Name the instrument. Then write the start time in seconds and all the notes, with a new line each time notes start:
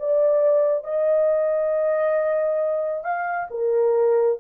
horn
0.00 D5
0.85 D#5
3.04 F5
3.51 A#4